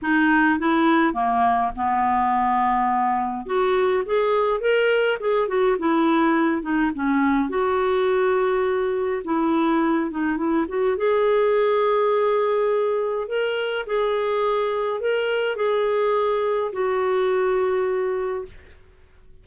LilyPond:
\new Staff \with { instrumentName = "clarinet" } { \time 4/4 \tempo 4 = 104 dis'4 e'4 ais4 b4~ | b2 fis'4 gis'4 | ais'4 gis'8 fis'8 e'4. dis'8 | cis'4 fis'2. |
e'4. dis'8 e'8 fis'8 gis'4~ | gis'2. ais'4 | gis'2 ais'4 gis'4~ | gis'4 fis'2. | }